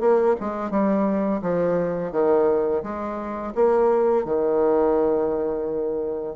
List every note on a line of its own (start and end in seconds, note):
0.00 0.35 A#3
0.40 0.70 G#3
0.70 1.41 G3
1.41 2.11 F3
2.11 2.82 D#3
2.83 3.53 G#3
3.55 4.24 A#3
4.24 6.36 D#3